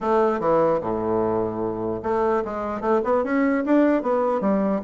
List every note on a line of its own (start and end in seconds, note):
0.00 0.40 A3
0.40 0.80 E3
0.80 2.01 A2
2.03 2.43 A3
2.45 2.80 G#3
2.80 3.01 A3
3.04 3.23 B3
3.23 3.64 C#4
3.65 4.02 D4
4.02 4.41 B3
4.41 4.81 G3